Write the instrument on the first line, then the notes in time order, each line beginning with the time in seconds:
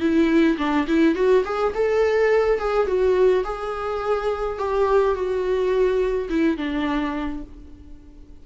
viola
0.00 E4
0.58 D4
0.88 E4
1.15 F#4
1.45 G#4
1.75 A4
2.59 G#4
2.87 F#4
3.44 G#4
4.58 G4
5.14 F#4
6.30 E4
6.57 D4